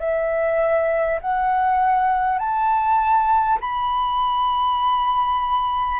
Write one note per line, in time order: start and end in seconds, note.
0.00 1.20 E5
1.22 2.39 F#5
2.39 3.59 A5
3.61 6.00 B5